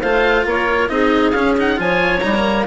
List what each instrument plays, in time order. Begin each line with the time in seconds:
0.00 bassoon A3, cello F4, clarinet C5, oboe F5
0.45 bassoon A#3, clarinet A#4, oboe C#5
0.88 bassoon C4, cello D#4, clarinet G#4, oboe D#5
1.30 bassoon C#4, cello C#4, oboe F5
1.57 cello D#4, oboe F#5
1.76 bassoon F3, cello F4, clarinet C#5, oboe G#5
2.20 bassoon G3, cello D#4, oboe A#5
2.34 cello A#3